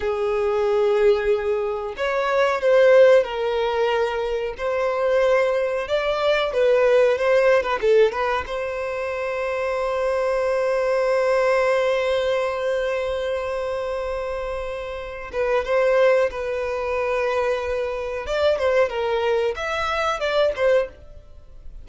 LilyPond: \new Staff \with { instrumentName = "violin" } { \time 4/4 \tempo 4 = 92 gis'2. cis''4 | c''4 ais'2 c''4~ | c''4 d''4 b'4 c''8. b'16 | a'8 b'8 c''2.~ |
c''1~ | c''2.~ c''8 b'8 | c''4 b'2. | d''8 c''8 ais'4 e''4 d''8 c''8 | }